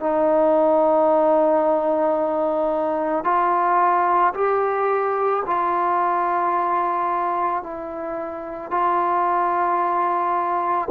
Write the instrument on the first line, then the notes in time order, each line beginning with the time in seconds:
trombone
0.00 D#4
3.24 F4
4.34 G4
5.46 F4
7.63 E4
8.71 F4